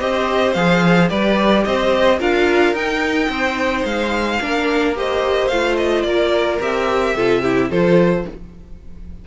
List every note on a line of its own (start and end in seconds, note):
0.00 0.56 C4
0.00 0.55 G4
0.00 1.10 C5
0.00 0.54 D#5
0.54 1.11 F3
0.54 1.09 G#4
0.54 1.09 F5
1.09 1.66 G3
1.09 2.19 G4
1.09 1.65 B4
1.09 1.64 D5
1.64 2.21 C4
1.64 2.19 C5
1.64 2.19 D#5
2.19 2.74 D4
2.19 2.75 F4
2.19 3.29 A#4
2.19 2.76 F5
2.74 3.29 D#4
2.74 4.40 D#4
2.74 3.86 G5
3.29 3.84 C4
3.29 4.41 C5
3.85 4.40 G#3
3.85 4.96 F5
4.41 5.51 A#3
4.41 4.95 D4
4.41 4.98 A#4
4.95 5.50 G4
4.95 6.07 C5
4.95 5.48 D#5
5.48 6.04 A3
5.48 6.61 F4
5.48 5.76 F5
5.77 6.03 D#5
6.03 6.59 A#3
6.03 7.16 A#4
6.03 6.58 D5
6.61 7.15 C4
6.61 7.16 G4
6.61 7.72 E5
7.15 7.70 C3
7.15 7.44 F4
7.15 7.42 A4
7.42 7.72 E4
7.42 7.70 G4
7.70 8.25 F3
7.70 8.28 F4
7.70 8.25 A4
7.70 8.27 C5